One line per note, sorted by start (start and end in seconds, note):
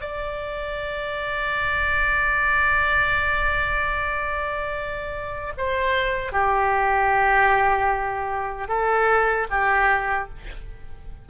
0.00 5.53 D5
5.57 6.32 C5
6.32 8.68 G4
8.68 9.47 A4
9.50 10.29 G4